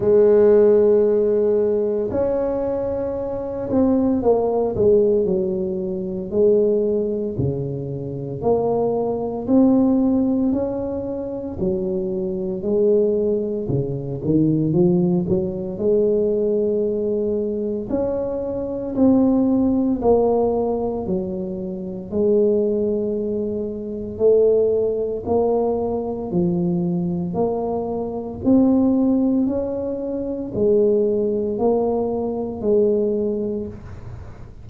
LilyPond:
\new Staff \with { instrumentName = "tuba" } { \time 4/4 \tempo 4 = 57 gis2 cis'4. c'8 | ais8 gis8 fis4 gis4 cis4 | ais4 c'4 cis'4 fis4 | gis4 cis8 dis8 f8 fis8 gis4~ |
gis4 cis'4 c'4 ais4 | fis4 gis2 a4 | ais4 f4 ais4 c'4 | cis'4 gis4 ais4 gis4 | }